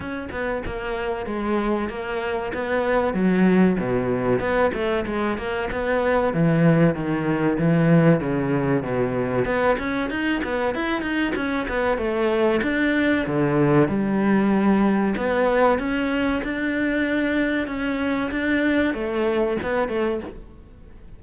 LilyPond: \new Staff \with { instrumentName = "cello" } { \time 4/4 \tempo 4 = 95 cis'8 b8 ais4 gis4 ais4 | b4 fis4 b,4 b8 a8 | gis8 ais8 b4 e4 dis4 | e4 cis4 b,4 b8 cis'8 |
dis'8 b8 e'8 dis'8 cis'8 b8 a4 | d'4 d4 g2 | b4 cis'4 d'2 | cis'4 d'4 a4 b8 a8 | }